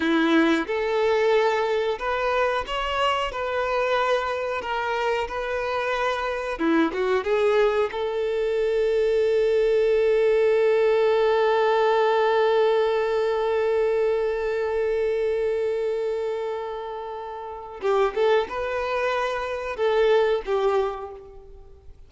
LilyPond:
\new Staff \with { instrumentName = "violin" } { \time 4/4 \tempo 4 = 91 e'4 a'2 b'4 | cis''4 b'2 ais'4 | b'2 e'8 fis'8 gis'4 | a'1~ |
a'1~ | a'1~ | a'2. g'8 a'8 | b'2 a'4 g'4 | }